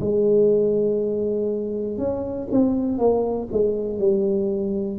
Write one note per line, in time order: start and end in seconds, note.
0.00 1.98 G#3
1.98 2.48 C#4
2.50 2.98 C4
2.98 3.48 A#3
3.52 3.99 G#3
3.99 4.98 G3